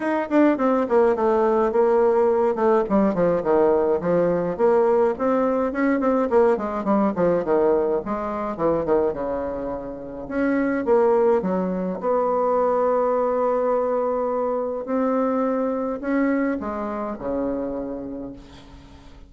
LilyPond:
\new Staff \with { instrumentName = "bassoon" } { \time 4/4 \tempo 4 = 105 dis'8 d'8 c'8 ais8 a4 ais4~ | ais8 a8 g8 f8 dis4 f4 | ais4 c'4 cis'8 c'8 ais8 gis8 | g8 f8 dis4 gis4 e8 dis8 |
cis2 cis'4 ais4 | fis4 b2.~ | b2 c'2 | cis'4 gis4 cis2 | }